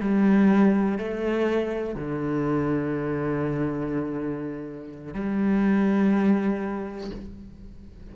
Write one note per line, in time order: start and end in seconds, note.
0.00 0.98 G3
0.98 1.94 A3
1.94 5.14 D3
5.14 7.10 G3